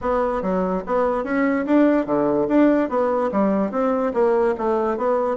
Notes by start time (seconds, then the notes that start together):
0.01 B3
0.42 F#3
0.86 B3
1.24 C#4
1.66 D4
2.06 D3
2.48 D4
2.89 B3
3.31 G3
3.71 C4
4.13 A#3
4.57 A3
4.97 B3